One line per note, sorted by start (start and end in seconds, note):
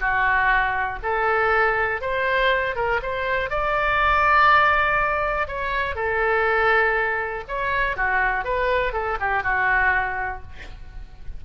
0.00 0.99 F#4
1.02 2.01 A4
2.01 2.75 C5
2.75 3.00 A#4
3.02 3.50 C5
3.50 5.47 D5
5.47 5.95 C#5
5.95 7.44 A4
7.48 7.96 C#5
7.96 8.44 F#4
8.44 8.93 B4
8.93 9.17 A4
9.20 9.43 G4
9.43 10.42 F#4